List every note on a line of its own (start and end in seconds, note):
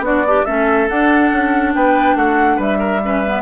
0.00 0.43 B3
0.00 0.25 D4
0.00 0.27 F#4
0.06 0.45 D5
0.27 0.46 D4
0.27 0.47 G4
0.45 0.90 A3
0.45 0.89 C#4
0.45 1.74 A4
0.45 0.88 E5
0.89 3.02 D4
0.89 1.32 D4
0.89 1.74 F#5
1.32 1.75 C#4
1.75 2.16 B3
1.75 2.17 B4
1.75 2.17 G5
2.16 2.58 A3
2.16 2.57 F#4
2.16 2.60 F#5
2.57 3.42 G3
2.57 2.78 B4
2.57 3.42 E5
2.79 3.01 A#4
3.04 3.25 C#4
3.04 3.42 B4
3.26 3.42 B3